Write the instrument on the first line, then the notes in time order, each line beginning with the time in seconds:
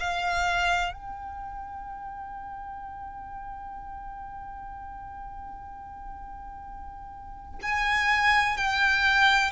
violin
0.00 F5
0.93 G5
7.62 G#5
8.57 G5